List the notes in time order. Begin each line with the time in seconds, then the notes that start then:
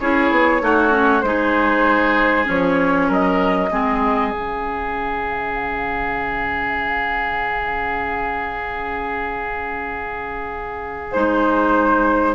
0.00 C#4 E4 G#4 C#5
0.31 B3
0.61 A3 D#4 F#4
0.91 C#4
1.22 G#3 D#4 G#4 C5
2.45 F3 C#4 C#5
3.08 F#3 A#4 D#5
3.71 G#3 C4 G#4
4.32 C#3 C#4 F5
11.12 G#3 D#4 C5